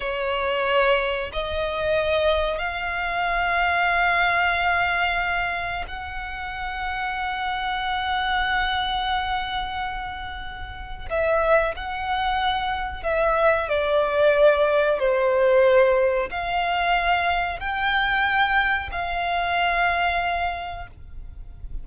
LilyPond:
\new Staff \with { instrumentName = "violin" } { \time 4/4 \tempo 4 = 92 cis''2 dis''2 | f''1~ | f''4 fis''2.~ | fis''1~ |
fis''4 e''4 fis''2 | e''4 d''2 c''4~ | c''4 f''2 g''4~ | g''4 f''2. | }